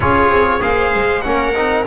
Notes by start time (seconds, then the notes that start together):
0.00 C#4 F4 G#4 C#5
0.28 C4
0.60 A#3 G#4 C5 F5
0.93 G#3
1.21 A#3 C#4 A#4 F#5
1.54 C4 D#4